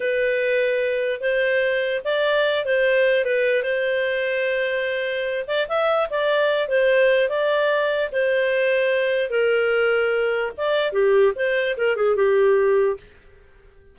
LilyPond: \new Staff \with { instrumentName = "clarinet" } { \time 4/4 \tempo 4 = 148 b'2. c''4~ | c''4 d''4. c''4. | b'4 c''2.~ | c''4. d''8 e''4 d''4~ |
d''8 c''4. d''2 | c''2. ais'4~ | ais'2 d''4 g'4 | c''4 ais'8 gis'8 g'2 | }